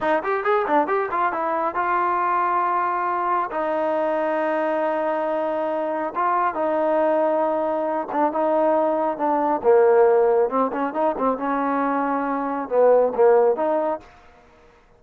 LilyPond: \new Staff \with { instrumentName = "trombone" } { \time 4/4 \tempo 4 = 137 dis'8 g'8 gis'8 d'8 g'8 f'8 e'4 | f'1 | dis'1~ | dis'2 f'4 dis'4~ |
dis'2~ dis'8 d'8 dis'4~ | dis'4 d'4 ais2 | c'8 cis'8 dis'8 c'8 cis'2~ | cis'4 b4 ais4 dis'4 | }